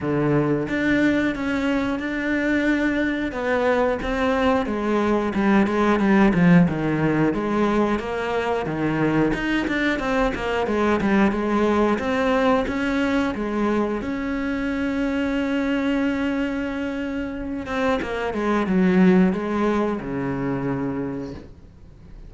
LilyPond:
\new Staff \with { instrumentName = "cello" } { \time 4/4 \tempo 4 = 90 d4 d'4 cis'4 d'4~ | d'4 b4 c'4 gis4 | g8 gis8 g8 f8 dis4 gis4 | ais4 dis4 dis'8 d'8 c'8 ais8 |
gis8 g8 gis4 c'4 cis'4 | gis4 cis'2.~ | cis'2~ cis'8 c'8 ais8 gis8 | fis4 gis4 cis2 | }